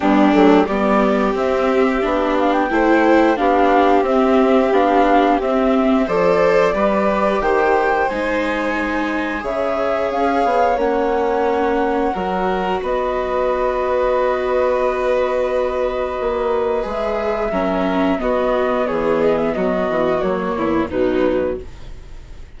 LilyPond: <<
  \new Staff \with { instrumentName = "flute" } { \time 4/4 \tempo 4 = 89 g'4 d''4 e''4. f''16 g''16~ | g''4 f''4 e''4 f''4 | e''4 d''2 g''4 | gis''2 e''4 f''4 |
fis''2. dis''4~ | dis''1~ | dis''4 e''2 dis''4 | cis''8 dis''16 e''16 dis''4 cis''4 b'4 | }
  \new Staff \with { instrumentName = "violin" } { \time 4/4 d'4 g'2. | c''4 g'2.~ | g'4 c''4 b'4 c''4~ | c''2 cis''2~ |
cis''2 ais'4 b'4~ | b'1~ | b'2 ais'4 fis'4 | gis'4 fis'4. e'8 dis'4 | }
  \new Staff \with { instrumentName = "viola" } { \time 4/4 b8 a8 b4 c'4 d'4 | e'4 d'4 c'4 d'4 | c'4 a'4 g'2 | dis'2 gis'2 |
cis'2 fis'2~ | fis'1~ | fis'4 gis'4 cis'4 b4~ | b2 ais4 fis4 | }
  \new Staff \with { instrumentName = "bassoon" } { \time 4/4 g8 fis8 g4 c'4 b4 | a4 b4 c'4 b4 | c'4 f4 g4 dis4 | gis2 cis4 cis'8 b8 |
ais2 fis4 b4~ | b1 | ais4 gis4 fis4 b4 | e4 fis8 e8 fis8 e,8 b,4 | }
>>